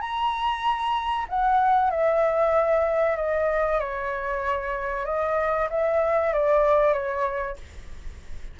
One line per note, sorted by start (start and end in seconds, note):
0.00 1.26 A#5
1.29 1.90 F#5
1.90 3.16 E5
3.16 3.79 D#5
3.80 5.05 C#5
5.05 5.68 D#5
5.70 6.33 E5
6.33 6.93 D5
6.93 7.56 C#5